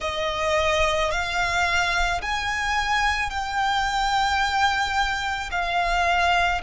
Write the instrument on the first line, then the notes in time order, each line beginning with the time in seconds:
violin
0.01 D#5
1.11 F5
2.21 G#5
3.30 G5
5.51 F5